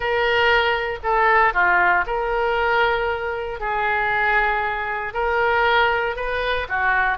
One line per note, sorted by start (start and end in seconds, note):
0.00 0.99 A#4
1.03 1.53 A4
1.53 2.05 F4
2.06 3.59 A#4
3.59 5.13 G#4
5.13 6.16 A#4
6.16 6.67 B4
6.68 7.18 F#4